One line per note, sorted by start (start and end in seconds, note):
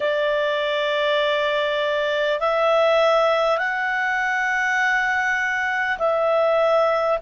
0.00 2.40 D5
2.40 3.57 E5
3.57 5.97 F#5
5.98 7.18 E5